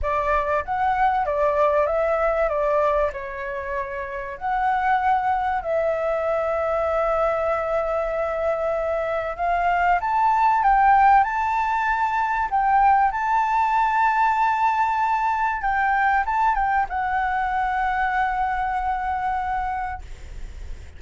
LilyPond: \new Staff \with { instrumentName = "flute" } { \time 4/4 \tempo 4 = 96 d''4 fis''4 d''4 e''4 | d''4 cis''2 fis''4~ | fis''4 e''2.~ | e''2. f''4 |
a''4 g''4 a''2 | g''4 a''2.~ | a''4 g''4 a''8 g''8 fis''4~ | fis''1 | }